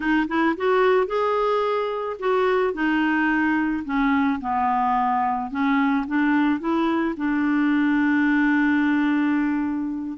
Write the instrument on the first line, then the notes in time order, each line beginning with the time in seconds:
clarinet
0.00 D#4
0.28 E4
0.56 F#4
1.06 G#4
2.19 F#4
2.73 D#4
3.84 C#4
4.40 B3
5.50 C#4
6.07 D4
6.60 E4
7.17 D4